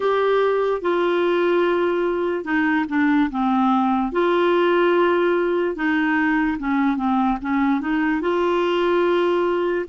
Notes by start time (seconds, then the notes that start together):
0.00 G4
0.81 F4
2.44 D#4
2.88 D4
3.31 C4
4.11 F4
5.75 D#4
6.59 C#4
6.96 C4
7.41 C#4
7.80 D#4
8.21 F4